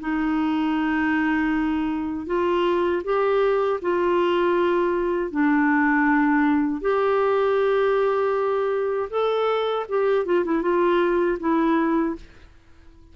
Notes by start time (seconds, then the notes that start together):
0.00 D#4
2.26 F4
3.04 G4
3.81 F4
5.31 D4
6.81 G4
9.10 A4
9.89 G4
10.26 F4
10.45 E4
10.62 F4
11.40 E4